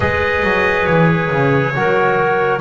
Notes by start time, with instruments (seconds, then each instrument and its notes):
0.00 double bass G#3, trombone G#4, clarinet B4, trumpet D#5
0.43 double bass F#3
0.86 double bass E3, trumpet C#5
1.31 double bass C#3
1.75 double bass F#3, trombone F#4, clarinet A#4